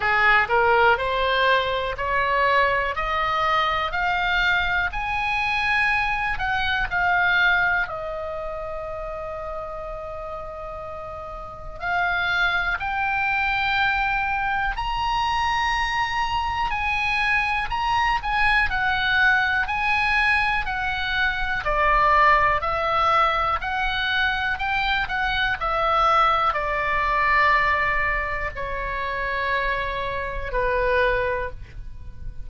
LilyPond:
\new Staff \with { instrumentName = "oboe" } { \time 4/4 \tempo 4 = 61 gis'8 ais'8 c''4 cis''4 dis''4 | f''4 gis''4. fis''8 f''4 | dis''1 | f''4 g''2 ais''4~ |
ais''4 gis''4 ais''8 gis''8 fis''4 | gis''4 fis''4 d''4 e''4 | fis''4 g''8 fis''8 e''4 d''4~ | d''4 cis''2 b'4 | }